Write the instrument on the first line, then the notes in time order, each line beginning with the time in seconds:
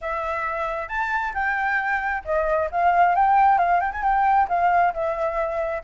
flute
0.01 E5
0.88 A5
1.34 G5
2.24 D#5
2.71 F5
3.15 G5
3.58 F5
3.80 G5
3.92 G#5
4.02 G5
4.48 F5
4.93 E5